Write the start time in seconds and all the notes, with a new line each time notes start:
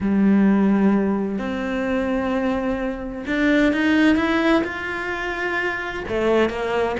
0.00 G3
1.38 C4
3.26 D4
3.73 D#4
4.16 E4
4.64 F4
6.08 A3
6.49 A#3